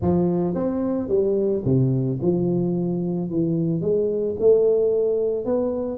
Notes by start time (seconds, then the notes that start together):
0.01 F3
0.54 C4
1.08 G3
1.64 C3
2.21 F3
3.30 E3
3.81 G#3
4.39 A3
5.45 B3